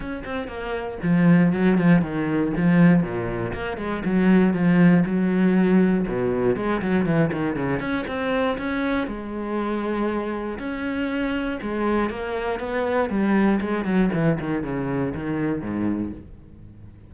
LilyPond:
\new Staff \with { instrumentName = "cello" } { \time 4/4 \tempo 4 = 119 cis'8 c'8 ais4 f4 fis8 f8 | dis4 f4 ais,4 ais8 gis8 | fis4 f4 fis2 | b,4 gis8 fis8 e8 dis8 cis8 cis'8 |
c'4 cis'4 gis2~ | gis4 cis'2 gis4 | ais4 b4 g4 gis8 fis8 | e8 dis8 cis4 dis4 gis,4 | }